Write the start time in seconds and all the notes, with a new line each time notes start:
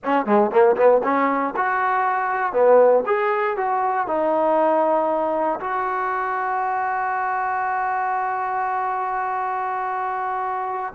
0.04 C#4
0.25 G#3
0.50 A#3
0.76 B3
1.03 C#4
1.56 F#4
2.53 B3
3.06 G#4
3.56 F#4
4.07 D#4
5.59 F#4